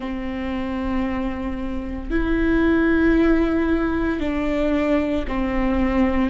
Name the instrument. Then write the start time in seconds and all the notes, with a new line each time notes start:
viola
0.00 C4
2.10 E4
4.20 D4
5.27 C4